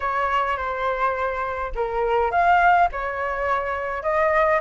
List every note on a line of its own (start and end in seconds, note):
0.00 0.57 C#5
0.57 1.72 C5
1.75 2.31 A#4
2.31 2.88 F5
2.91 4.02 C#5
4.02 4.60 D#5